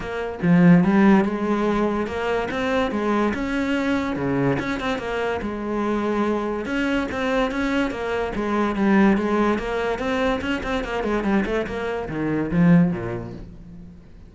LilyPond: \new Staff \with { instrumentName = "cello" } { \time 4/4 \tempo 4 = 144 ais4 f4 g4 gis4~ | gis4 ais4 c'4 gis4 | cis'2 cis4 cis'8 c'8 | ais4 gis2. |
cis'4 c'4 cis'4 ais4 | gis4 g4 gis4 ais4 | c'4 cis'8 c'8 ais8 gis8 g8 a8 | ais4 dis4 f4 ais,4 | }